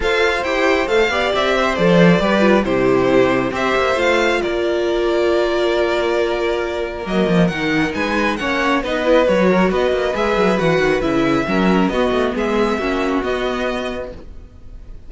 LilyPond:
<<
  \new Staff \with { instrumentName = "violin" } { \time 4/4 \tempo 4 = 136 f''4 g''4 f''4 e''4 | d''2 c''2 | e''4 f''4 d''2~ | d''1 |
dis''4 fis''4 gis''4 fis''4 | dis''4 cis''4 dis''4 e''4 | fis''4 e''2 dis''4 | e''2 dis''2 | }
  \new Staff \with { instrumentName = "violin" } { \time 4/4 c''2~ c''8 d''4 c''8~ | c''4 b'4 g'2 | c''2 ais'2~ | ais'1~ |
ais'2 b'4 cis''4 | b'4. ais'8 b'2~ | b'2 ais'4 fis'4 | gis'4 fis'2. | }
  \new Staff \with { instrumentName = "viola" } { \time 4/4 a'4 g'4 a'8 g'4. | a'4 g'8 f'8 e'2 | g'4 f'2.~ | f'1 |
ais4 dis'2 cis'4 | dis'8 e'8 fis'2 gis'4 | fis'4 e'4 cis'4 b4~ | b4 cis'4 b2 | }
  \new Staff \with { instrumentName = "cello" } { \time 4/4 f'4 e'4 a8 b8 c'4 | f4 g4 c2 | c'8 ais8 a4 ais2~ | ais1 |
fis8 f8 dis4 gis4 ais4 | b4 fis4 b8 ais8 gis8 fis8 | e8 dis8 cis4 fis4 b8 a8 | gis4 ais4 b2 | }
>>